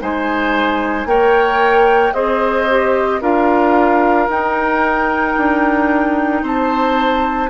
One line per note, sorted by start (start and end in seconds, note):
0.00 1.05 G#3
0.00 1.07 D#4
0.00 1.08 C5
0.00 1.08 G#5
1.05 2.12 A#3
1.05 2.14 A#4
1.05 2.15 C#5
1.05 2.14 G5
2.13 3.21 C4
2.13 2.68 G#4
2.13 3.22 C5
2.13 3.21 D#5
2.70 3.21 G4
3.21 4.28 D4
3.21 4.29 F4
3.21 6.43 A#4
3.21 4.30 F5
4.29 5.36 D#4
4.29 7.50 D#4
4.29 6.45 G5
5.37 6.43 D4
6.43 7.50 C4
6.43 7.50 C5
6.43 7.50 A5